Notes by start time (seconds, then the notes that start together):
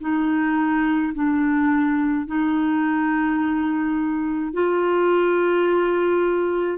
0.00 D#4
1.14 D4
2.26 D#4
4.53 F4